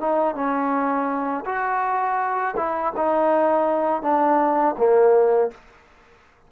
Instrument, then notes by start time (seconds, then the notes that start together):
trombone
0.00 D#4
0.35 C#4
1.45 F#4
2.56 E4
2.96 D#4
4.02 D4
4.78 A#3